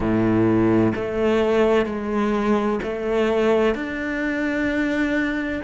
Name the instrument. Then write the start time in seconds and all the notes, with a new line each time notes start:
cello
0.00 A2
0.95 A3
1.85 G#3
2.83 A3
3.74 D4